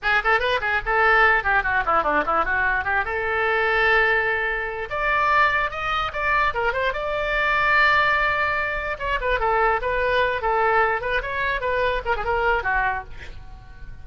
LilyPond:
\new Staff \with { instrumentName = "oboe" } { \time 4/4 \tempo 4 = 147 gis'8 a'8 b'8 gis'8 a'4. g'8 | fis'8 e'8 d'8 e'8 fis'4 g'8 a'8~ | a'1 | d''2 dis''4 d''4 |
ais'8 c''8 d''2.~ | d''2 cis''8 b'8 a'4 | b'4. a'4. b'8 cis''8~ | cis''8 b'4 ais'16 gis'16 ais'4 fis'4 | }